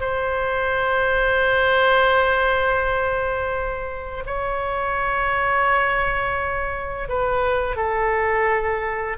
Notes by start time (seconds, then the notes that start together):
0.00 C5
4.26 C#5
7.08 B4
7.76 A4